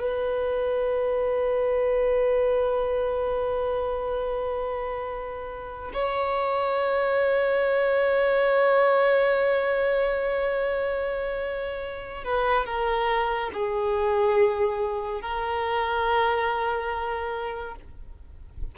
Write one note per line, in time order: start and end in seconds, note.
0.00 5.92 B4
5.93 12.24 C#5
12.24 12.66 B4
12.66 13.50 A#4
13.53 15.21 G#4
15.21 17.75 A#4